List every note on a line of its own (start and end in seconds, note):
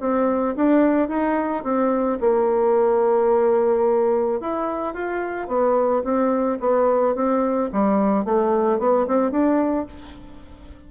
0.00 0.55 C4
0.56 1.08 D4
1.08 1.63 D#4
1.64 2.19 C4
2.20 4.40 A#3
4.40 4.94 E4
4.94 5.48 F4
5.48 6.03 B3
6.04 6.59 C4
6.60 7.15 B3
7.15 7.70 C4
7.72 8.25 G3
8.25 8.79 A3
8.79 9.07 B3
9.07 9.31 C4
9.31 9.86 D4